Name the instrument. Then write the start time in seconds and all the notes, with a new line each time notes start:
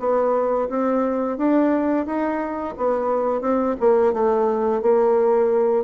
bassoon
0.00 B3
0.69 C4
1.38 D4
2.06 D#4
2.77 B3
3.41 C4
3.80 A#3
4.13 A3
4.82 A#3